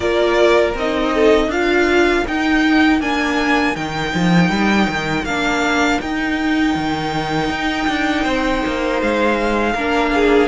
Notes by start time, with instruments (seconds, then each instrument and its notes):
0.00 cello A#3, viola F4, violin A#4 D5
0.74 cello C4, viola D#4, violin D#5
1.13 violin A4
1.47 cello D4, viola F4, violin A#4 F5
2.27 viola D#4, cello D#4, violin G5
3.00 cello A#3, viola D4, violin G#5
3.75 cello D#3, viola D#4, violin G5
4.14 cello F3
4.50 cello G3
4.88 cello D#3
5.24 cello A#3, viola D4, violin F5
6.01 cello D#4, viola D#4, violin G5
6.75 cello D#3
7.49 cello D#4
7.87 cello D4
8.23 cello C4, violin C5
8.66 cello A#3
9.01 cello G#3, violin F5
9.73 cello A#3, viola D4, violin A#4
10.14 violin G#4